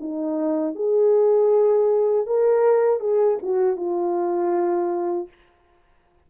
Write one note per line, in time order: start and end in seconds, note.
0.00 0.75 D#4
0.75 2.26 G#4
2.26 3.00 A#4
3.00 3.38 G#4
3.42 3.77 F#4
3.77 5.29 F4